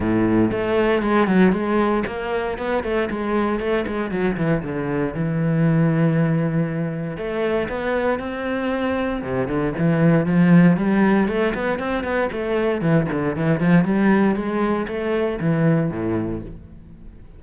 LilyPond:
\new Staff \with { instrumentName = "cello" } { \time 4/4 \tempo 4 = 117 a,4 a4 gis8 fis8 gis4 | ais4 b8 a8 gis4 a8 gis8 | fis8 e8 d4 e2~ | e2 a4 b4 |
c'2 c8 d8 e4 | f4 g4 a8 b8 c'8 b8 | a4 e8 d8 e8 f8 g4 | gis4 a4 e4 a,4 | }